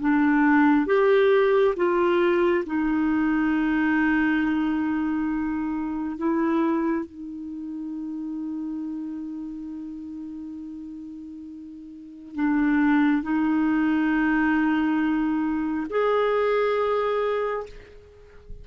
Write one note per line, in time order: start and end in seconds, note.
0.00 0.86 D4
0.86 1.74 G4
1.76 2.64 F4
2.66 6.17 D#4
6.17 7.05 E4
7.05 12.35 D#4
12.35 13.22 D4
13.22 15.87 D#4
15.89 17.66 G#4